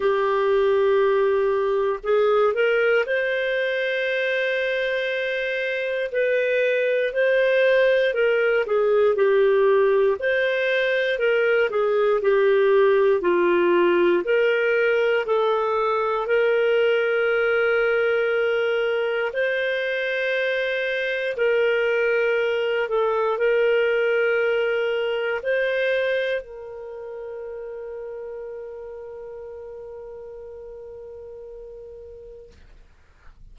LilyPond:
\new Staff \with { instrumentName = "clarinet" } { \time 4/4 \tempo 4 = 59 g'2 gis'8 ais'8 c''4~ | c''2 b'4 c''4 | ais'8 gis'8 g'4 c''4 ais'8 gis'8 | g'4 f'4 ais'4 a'4 |
ais'2. c''4~ | c''4 ais'4. a'8 ais'4~ | ais'4 c''4 ais'2~ | ais'1 | }